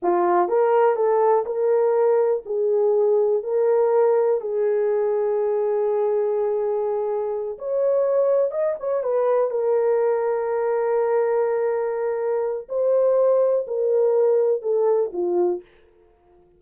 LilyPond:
\new Staff \with { instrumentName = "horn" } { \time 4/4 \tempo 4 = 123 f'4 ais'4 a'4 ais'4~ | ais'4 gis'2 ais'4~ | ais'4 gis'2.~ | gis'2.~ gis'8 cis''8~ |
cis''4. dis''8 cis''8 b'4 ais'8~ | ais'1~ | ais'2 c''2 | ais'2 a'4 f'4 | }